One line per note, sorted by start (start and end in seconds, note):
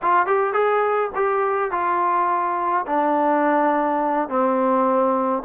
0.02 0.26 F4
0.26 0.53 G4
0.53 1.10 G#4
1.15 1.71 G4
1.71 2.85 F4
2.86 4.28 D4
4.28 5.43 C4